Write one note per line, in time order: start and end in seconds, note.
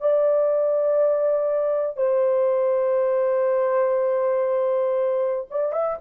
0.00 1.97 D5
1.97 5.47 C5
5.50 5.72 D5
5.72 5.97 E5